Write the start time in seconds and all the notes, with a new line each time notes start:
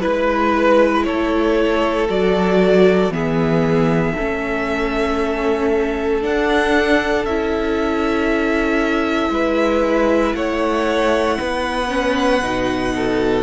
0.00 G#3 E4 B4
1.05 A3 A4 C#5
2.09 F#3 F#4 D5
3.10 E3 B3 G#4 E5
4.15 A3 C#4 A4
6.22 D4 F#5
7.25 C#4 E4 E5
9.30 G#3 B4
10.35 A3 C#5 F#5
11.38 B3 B4
11.88 C#4
12.43 B2 D#4
12.96 A4